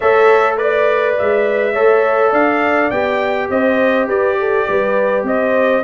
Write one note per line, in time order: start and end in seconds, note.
0.00 1.17 A3
0.00 0.57 A4
0.00 0.57 C#5
0.00 0.56 E5
0.57 1.74 B4
0.57 1.16 D5
0.57 1.72 D5
1.18 1.75 G#3
1.18 2.33 E5
1.72 2.32 A3
1.72 2.91 A4
1.72 2.29 C#5
2.29 2.90 D4
2.29 3.46 D5
2.29 2.90 F5
2.90 3.49 B3
2.90 5.83 G4
2.90 3.48 G5
3.49 4.07 C4
3.49 4.07 C5
3.49 4.08 D#5
4.07 4.65 G4
4.07 4.36 B4
4.07 5.25 D5
4.39 4.68 A4
4.68 5.23 G3
4.68 5.25 B4
5.23 5.81 C4
5.23 5.83 C5
5.23 5.83 D#5